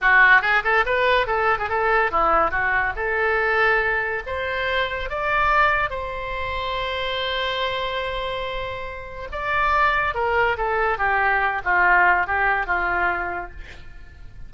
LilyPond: \new Staff \with { instrumentName = "oboe" } { \time 4/4 \tempo 4 = 142 fis'4 gis'8 a'8 b'4 a'8. gis'16 | a'4 e'4 fis'4 a'4~ | a'2 c''2 | d''2 c''2~ |
c''1~ | c''2 d''2 | ais'4 a'4 g'4. f'8~ | f'4 g'4 f'2 | }